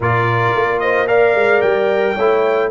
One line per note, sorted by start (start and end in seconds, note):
0.00 0.52 A#2
0.00 1.07 F4
0.00 0.81 A#4
0.00 0.79 D5
0.54 1.34 A#3
0.79 1.08 C5
0.79 1.06 D#5
1.07 2.15 A#4
1.07 2.15 D5
1.07 1.61 F5
1.34 1.61 G#3
1.61 2.16 G3
1.61 2.69 G5
2.15 2.71 A3
2.15 2.71 E4
2.15 2.69 C#5